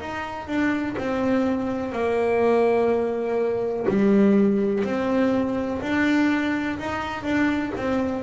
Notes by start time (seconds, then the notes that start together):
0.00 D#4
0.47 D4
0.98 C4
1.92 A#3
3.88 G3
4.84 C4
5.81 D4
6.78 D#4
7.24 D4
7.77 C4